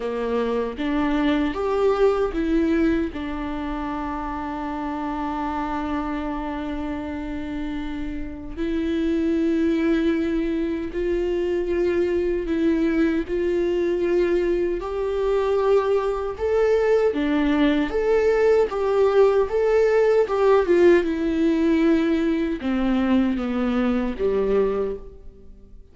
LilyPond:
\new Staff \with { instrumentName = "viola" } { \time 4/4 \tempo 4 = 77 ais4 d'4 g'4 e'4 | d'1~ | d'2. e'4~ | e'2 f'2 |
e'4 f'2 g'4~ | g'4 a'4 d'4 a'4 | g'4 a'4 g'8 f'8 e'4~ | e'4 c'4 b4 g4 | }